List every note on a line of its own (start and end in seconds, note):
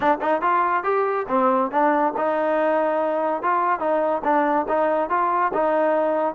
0.00 0.17 D4
0.21 0.41 D#4
0.41 0.83 F4
0.83 1.26 G4
1.28 1.71 C4
1.71 2.13 D4
2.16 3.42 D#4
3.42 3.79 F4
3.79 4.22 D#4
4.24 4.66 D4
4.68 5.09 D#4
5.09 5.52 F4
5.53 6.34 D#4